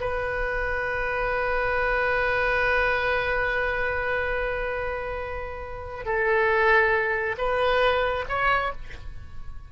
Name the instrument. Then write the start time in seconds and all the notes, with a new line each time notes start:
oboe
0.00 B4
6.05 A4
7.38 B4
8.29 C#5